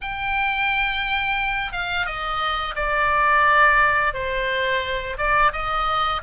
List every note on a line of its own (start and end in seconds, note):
0.01 1.72 G5
1.72 2.05 F5
2.05 2.74 D#5
2.75 4.13 D5
4.13 5.17 C5
5.17 5.52 D5
5.52 6.21 D#5